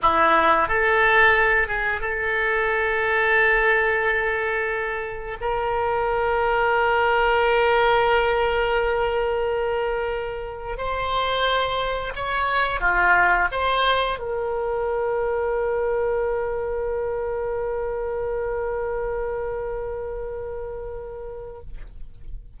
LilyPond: \new Staff \with { instrumentName = "oboe" } { \time 4/4 \tempo 4 = 89 e'4 a'4. gis'8 a'4~ | a'1 | ais'1~ | ais'1 |
c''2 cis''4 f'4 | c''4 ais'2.~ | ais'1~ | ais'1 | }